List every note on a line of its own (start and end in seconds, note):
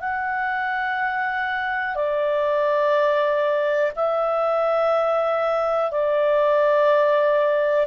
0.00 1.95 F#5
1.95 3.92 D5
3.96 5.91 E5
5.91 7.86 D5